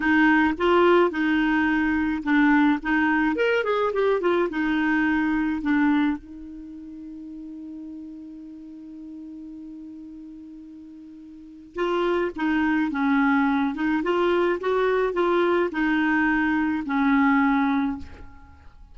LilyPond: \new Staff \with { instrumentName = "clarinet" } { \time 4/4 \tempo 4 = 107 dis'4 f'4 dis'2 | d'4 dis'4 ais'8 gis'8 g'8 f'8 | dis'2 d'4 dis'4~ | dis'1~ |
dis'1~ | dis'4 f'4 dis'4 cis'4~ | cis'8 dis'8 f'4 fis'4 f'4 | dis'2 cis'2 | }